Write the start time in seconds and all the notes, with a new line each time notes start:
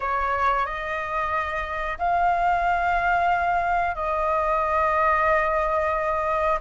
0.00 C#5
0.66 D#5
1.98 F5
3.95 D#5